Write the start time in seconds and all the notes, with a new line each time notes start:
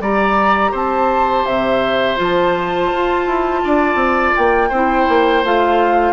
0.00 G3 G4 D5 A#5
0.72 C4 C5 A5
1.46 C3 E5
2.17 F3 F4 A5
2.93 F4
3.27 E4
3.65 D4 D5
3.95 C4
4.36 A#3 G5
4.69 C4 E4 C5
5.09 A#3
5.44 A3 F4 F5